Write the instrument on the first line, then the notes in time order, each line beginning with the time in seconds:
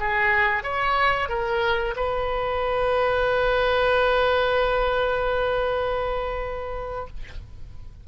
oboe
0.00 G#4
0.64 C#5
1.29 A#4
1.97 B4